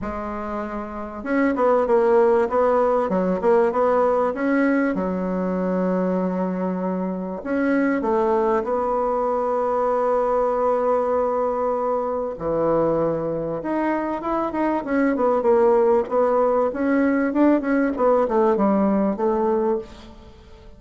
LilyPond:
\new Staff \with { instrumentName = "bassoon" } { \time 4/4 \tempo 4 = 97 gis2 cis'8 b8 ais4 | b4 fis8 ais8 b4 cis'4 | fis1 | cis'4 a4 b2~ |
b1 | e2 dis'4 e'8 dis'8 | cis'8 b8 ais4 b4 cis'4 | d'8 cis'8 b8 a8 g4 a4 | }